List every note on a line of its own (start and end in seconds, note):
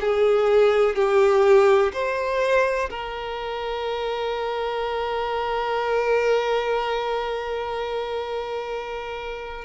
0.00 0.95 G#4
0.95 1.92 G4
1.92 2.89 C5
2.89 9.65 A#4